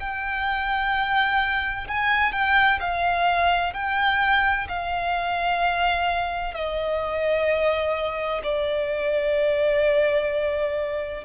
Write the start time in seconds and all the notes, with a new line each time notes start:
0.00 G5
1.88 G#5
2.33 G5
2.80 F5
3.74 G5
4.69 F5
6.55 D#5
8.44 D5